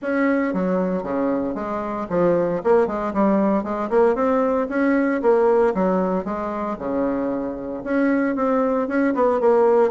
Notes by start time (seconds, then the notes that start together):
0.02 C#4
0.53 F#3
1.03 C#3
1.55 G#3
2.09 F3
2.63 A#3
2.87 G#3
3.13 G3
3.63 G#3
3.90 A#3
4.15 C4
4.69 C#4
5.22 A#3
5.74 F#3
6.24 G#3
6.78 C#3
7.84 C#4
8.35 C4
8.87 C#4
9.14 B3
9.40 A#3